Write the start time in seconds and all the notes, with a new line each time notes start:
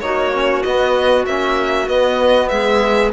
0.00 A#3 D#4 F#4 C#5
0.33 C#4
0.62 B3 D#5
1.25 A#3 C#4 E5
1.87 B3 D#5
2.48 G#3 G#4 E5